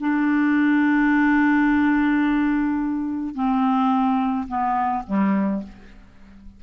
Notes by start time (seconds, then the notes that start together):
0.00 D4
3.35 C4
4.48 B3
5.07 G3